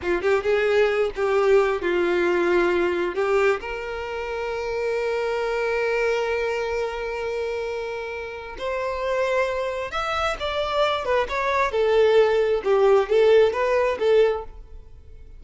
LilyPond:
\new Staff \with { instrumentName = "violin" } { \time 4/4 \tempo 4 = 133 f'8 g'8 gis'4. g'4. | f'2. g'4 | ais'1~ | ais'1~ |
ais'2. c''4~ | c''2 e''4 d''4~ | d''8 b'8 cis''4 a'2 | g'4 a'4 b'4 a'4 | }